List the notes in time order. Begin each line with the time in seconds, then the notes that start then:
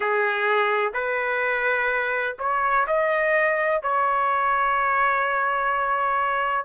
0.00 G#4
0.93 B4
2.38 C#5
2.87 D#5
3.82 C#5